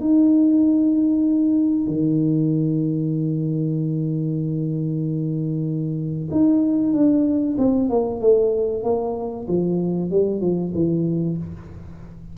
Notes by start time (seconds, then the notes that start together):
0.00 D#4
1.87 D#3
6.31 D#4
6.93 D4
7.58 C4
7.89 A#3
8.20 A3
8.83 A#3
9.48 F3
10.11 G3
10.40 F3
10.74 E3